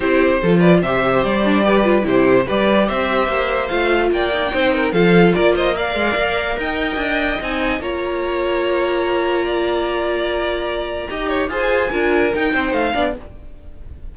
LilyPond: <<
  \new Staff \with { instrumentName = "violin" } { \time 4/4 \tempo 4 = 146 c''4. d''8 e''4 d''4~ | d''4 c''4 d''4 e''4~ | e''4 f''4 g''2 | f''4 d''8 dis''8 f''2 |
g''2 gis''4 ais''4~ | ais''1~ | ais''1 | gis''2 g''4 f''4 | }
  \new Staff \with { instrumentName = "violin" } { \time 4/4 g'4 a'8 b'8 c''2 | b'4 g'4 b'4 c''4~ | c''2 d''4 c''8 ais'8 | a'4 ais'8 c''8 d''2 |
dis''2. cis''4~ | cis''2. d''4~ | d''2. dis''8 cis''8 | c''4 ais'4. c''4 d''8 | }
  \new Staff \with { instrumentName = "viola" } { \time 4/4 e'4 f'4 g'4. d'8 | g'8 f'8 e'4 g'2~ | g'4 f'4. dis'16 d'16 dis'4 | f'2 ais'2~ |
ais'2 dis'4 f'4~ | f'1~ | f'2. g'4 | gis'4 f'4 dis'4. d'8 | }
  \new Staff \with { instrumentName = "cello" } { \time 4/4 c'4 f4 c4 g4~ | g4 c4 g4 c'4 | ais4 a4 ais4 c'4 | f4 ais4. gis8 ais4 |
dis'4 d'4 c'4 ais4~ | ais1~ | ais2. dis'4 | f'4 d'4 dis'8 c'8 a8 b8 | }
>>